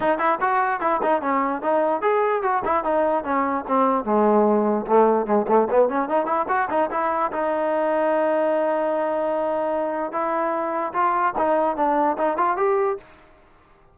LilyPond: \new Staff \with { instrumentName = "trombone" } { \time 4/4 \tempo 4 = 148 dis'8 e'8 fis'4 e'8 dis'8 cis'4 | dis'4 gis'4 fis'8 e'8 dis'4 | cis'4 c'4 gis2 | a4 gis8 a8 b8 cis'8 dis'8 e'8 |
fis'8 dis'8 e'4 dis'2~ | dis'1~ | dis'4 e'2 f'4 | dis'4 d'4 dis'8 f'8 g'4 | }